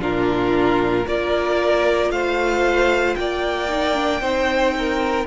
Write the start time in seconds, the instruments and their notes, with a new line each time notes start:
0.00 cello A#2, viola D4, violin F4 A#4
1.06 cello A#3, viola F4, violin A#4 D5
2.10 cello A3, violin C5 F5
3.16 cello A#3, violin D5 G5
3.69 viola D#4
3.95 viola D4
4.21 cello C4, viola D#4, violin C5
4.78 violin A#4